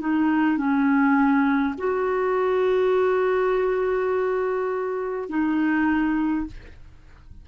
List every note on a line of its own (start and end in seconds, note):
0.00 0.57 D#4
0.57 1.75 C#4
1.78 5.29 F#4
5.29 6.47 D#4